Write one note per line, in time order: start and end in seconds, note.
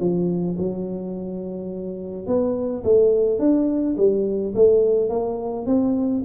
0.00 0.57 F3
0.58 2.27 F#3
2.27 2.83 B3
2.84 3.39 A3
3.39 3.96 D4
3.97 4.54 G3
4.55 5.10 A3
5.10 5.66 A#3
5.66 6.23 C4